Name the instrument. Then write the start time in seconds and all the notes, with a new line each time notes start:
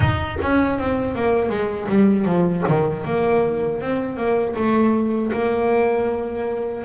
double bass
0.00 D#4
0.41 C#4
0.78 C4
1.15 A#3
1.49 G#3
1.88 G3
2.25 F3
2.68 D#3
3.04 A#3
3.80 C4
4.16 A#3
4.55 A3
5.32 A#3